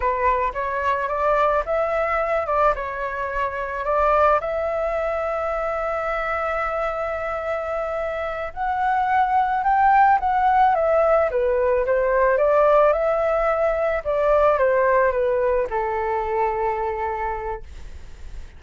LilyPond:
\new Staff \with { instrumentName = "flute" } { \time 4/4 \tempo 4 = 109 b'4 cis''4 d''4 e''4~ | e''8 d''8 cis''2 d''4 | e''1~ | e''2.~ e''8 fis''8~ |
fis''4. g''4 fis''4 e''8~ | e''8 b'4 c''4 d''4 e''8~ | e''4. d''4 c''4 b'8~ | b'8 a'2.~ a'8 | }